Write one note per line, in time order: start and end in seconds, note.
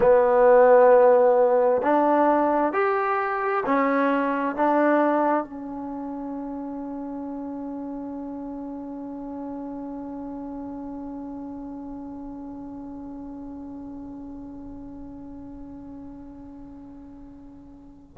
0.00 1.81 B3
1.81 2.72 D4
2.73 3.64 G4
3.65 4.55 C#4
4.55 5.44 D4
5.44 18.17 C#4